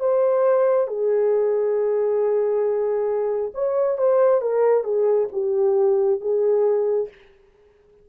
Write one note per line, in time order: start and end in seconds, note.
0.00 0.87 C5
0.87 3.52 G#4
3.55 3.98 C#5
3.98 4.42 C5
4.42 4.84 A#4
4.84 5.28 G#4
5.33 6.21 G4
6.21 7.09 G#4